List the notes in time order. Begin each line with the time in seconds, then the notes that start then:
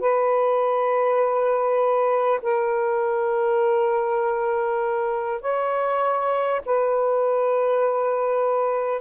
0.00 B4
2.42 A#4
5.41 C#5
6.65 B4